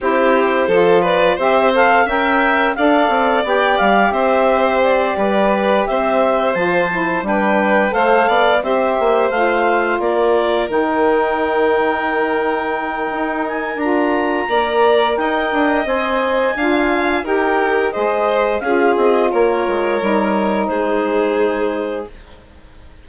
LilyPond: <<
  \new Staff \with { instrumentName = "clarinet" } { \time 4/4 \tempo 4 = 87 c''4. d''8 e''8 f''8 g''4 | f''4 g''8 f''8 e''4 d''4~ | d''8 e''4 a''4 g''4 f''8~ | f''8 e''4 f''4 d''4 g''8~ |
g''2.~ g''8 gis''8 | ais''2 g''4 gis''4~ | gis''4 g''4 dis''4 f''8 dis''8 | cis''2 c''2 | }
  \new Staff \with { instrumentName = "violin" } { \time 4/4 g'4 a'8 b'8 c''4 e''4 | d''2 c''4. b'8~ | b'8 c''2 b'4 c''8 | d''8 c''2 ais'4.~ |
ais'1~ | ais'4 d''4 dis''2 | f''4 ais'4 c''4 gis'4 | ais'2 gis'2 | }
  \new Staff \with { instrumentName = "saxophone" } { \time 4/4 e'4 f'4 g'8 a'8 ais'4 | a'4 g'2.~ | g'4. f'8 e'8 d'4 a'8~ | a'8 g'4 f'2 dis'8~ |
dis'1 | f'4 ais'2 c''4 | f'4 g'4 gis'4 f'4~ | f'4 dis'2. | }
  \new Staff \with { instrumentName = "bassoon" } { \time 4/4 c'4 f4 c'4 cis'4 | d'8 c'8 b8 g8 c'4. g8~ | g8 c'4 f4 g4 a8 | b8 c'8 ais8 a4 ais4 dis8~ |
dis2. dis'4 | d'4 ais4 dis'8 d'8 c'4 | d'4 dis'4 gis4 cis'8 c'8 | ais8 gis8 g4 gis2 | }
>>